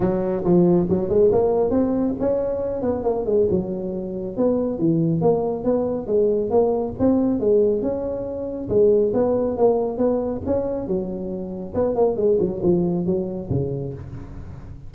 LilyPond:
\new Staff \with { instrumentName = "tuba" } { \time 4/4 \tempo 4 = 138 fis4 f4 fis8 gis8 ais4 | c'4 cis'4. b8 ais8 gis8 | fis2 b4 e4 | ais4 b4 gis4 ais4 |
c'4 gis4 cis'2 | gis4 b4 ais4 b4 | cis'4 fis2 b8 ais8 | gis8 fis8 f4 fis4 cis4 | }